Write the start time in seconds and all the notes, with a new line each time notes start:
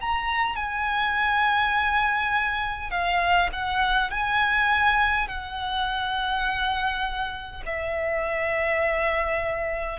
0.00 A#5
0.56 G#5
2.90 F5
3.52 F#5
4.10 G#5
5.27 F#5
7.65 E5